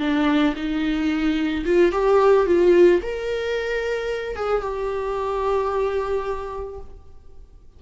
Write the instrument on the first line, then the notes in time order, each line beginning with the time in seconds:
viola
0.00 D4
0.56 D#4
1.66 F4
1.92 G4
2.46 F4
3.02 A#4
4.36 G#4
4.62 G4